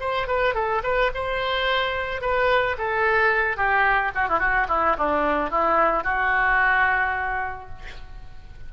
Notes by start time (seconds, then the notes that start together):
0.00 C5
0.27 B4
0.54 A4
0.83 B4
1.14 C5
2.21 B4
2.78 A4
3.57 G4
4.15 F#4
4.28 E4
4.39 F#4
4.68 E4
4.98 D4
5.50 E4
6.04 F#4